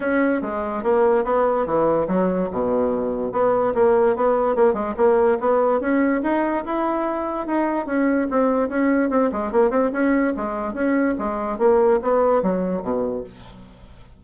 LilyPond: \new Staff \with { instrumentName = "bassoon" } { \time 4/4 \tempo 4 = 145 cis'4 gis4 ais4 b4 | e4 fis4 b,2 | b4 ais4 b4 ais8 gis8 | ais4 b4 cis'4 dis'4 |
e'2 dis'4 cis'4 | c'4 cis'4 c'8 gis8 ais8 c'8 | cis'4 gis4 cis'4 gis4 | ais4 b4 fis4 b,4 | }